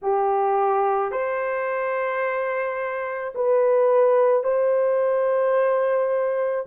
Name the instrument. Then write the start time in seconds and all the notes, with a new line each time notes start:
horn
0.02 G4
1.11 C5
3.34 B4
4.43 C5